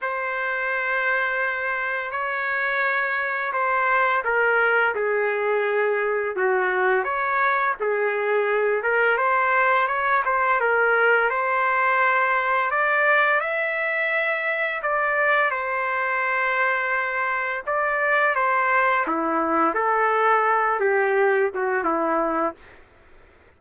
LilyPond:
\new Staff \with { instrumentName = "trumpet" } { \time 4/4 \tempo 4 = 85 c''2. cis''4~ | cis''4 c''4 ais'4 gis'4~ | gis'4 fis'4 cis''4 gis'4~ | gis'8 ais'8 c''4 cis''8 c''8 ais'4 |
c''2 d''4 e''4~ | e''4 d''4 c''2~ | c''4 d''4 c''4 e'4 | a'4. g'4 fis'8 e'4 | }